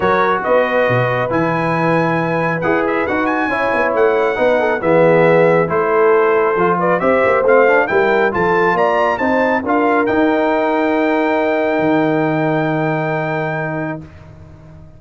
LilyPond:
<<
  \new Staff \with { instrumentName = "trumpet" } { \time 4/4 \tempo 4 = 137 cis''4 dis''2 gis''4~ | gis''2 fis''8 e''8 fis''8 gis''8~ | gis''4 fis''2 e''4~ | e''4 c''2~ c''8 d''8 |
e''4 f''4 g''4 a''4 | ais''4 a''4 f''4 g''4~ | g''1~ | g''1 | }
  \new Staff \with { instrumentName = "horn" } { \time 4/4 ais'4 b'2.~ | b'1 | cis''2 b'8 a'8 gis'4~ | gis'4 a'2~ a'8 b'8 |
c''2 ais'4 a'4 | d''4 c''4 ais'2~ | ais'1~ | ais'1 | }
  \new Staff \with { instrumentName = "trombone" } { \time 4/4 fis'2. e'4~ | e'2 gis'4 fis'4 | e'2 dis'4 b4~ | b4 e'2 f'4 |
g'4 c'8 d'8 e'4 f'4~ | f'4 dis'4 f'4 dis'4~ | dis'1~ | dis'1 | }
  \new Staff \with { instrumentName = "tuba" } { \time 4/4 fis4 b4 b,4 e4~ | e2 e'4 dis'4 | cis'8 b8 a4 b4 e4~ | e4 a2 f4 |
c'8 ais8 a4 g4 f4 | ais4 c'4 d'4 dis'4~ | dis'2. dis4~ | dis1 | }
>>